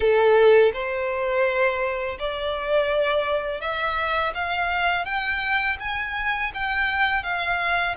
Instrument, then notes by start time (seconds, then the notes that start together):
violin
0.00 A4
0.73 C5
2.19 D5
3.60 E5
4.34 F5
5.05 G5
5.79 G#5
6.54 G5
7.23 F5